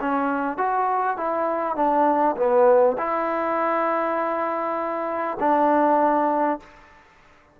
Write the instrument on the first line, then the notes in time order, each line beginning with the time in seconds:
trombone
0.00 C#4
0.57 F#4
1.17 E4
1.75 D4
2.36 B3
2.97 E4
5.39 D4